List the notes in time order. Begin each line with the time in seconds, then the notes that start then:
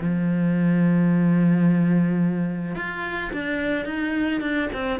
0.00 F3
2.75 F4
3.33 D4
3.85 D#4
4.41 D4
4.73 C4